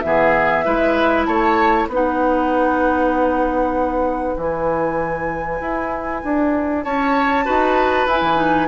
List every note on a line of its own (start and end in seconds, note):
0.00 0.66 E3
0.00 0.65 B3
0.00 1.24 E5
0.06 0.65 G#4
0.65 1.28 G#3
0.65 1.89 E4
0.65 1.27 B4
1.26 1.88 A3
1.26 1.89 C#5
1.26 1.87 A5
1.88 4.35 B3
1.88 4.38 D#4
1.88 6.84 B4
1.94 4.37 F#5
4.37 5.60 E3
4.37 7.45 E4
4.37 6.84 G#5
5.61 6.23 E4
6.24 6.85 D4
6.84 7.47 C#4
6.84 7.45 C#5
6.84 8.08 A5
7.45 8.06 D#4
7.45 8.07 F#4
7.45 8.68 B4
8.06 8.22 E4
8.06 8.36 E4
8.06 8.68 G#5
8.22 8.68 E3
8.36 8.67 D#4